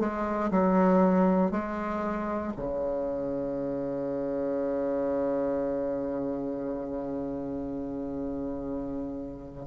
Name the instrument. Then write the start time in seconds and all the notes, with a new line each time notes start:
bassoon
0.00 G#3
0.51 F#3
1.52 G#3
2.57 C#3